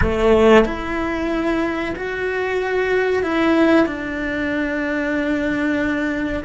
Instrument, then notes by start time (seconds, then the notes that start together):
cello
0.01 A3
0.65 E4
1.96 F#4
3.23 E4
3.85 D4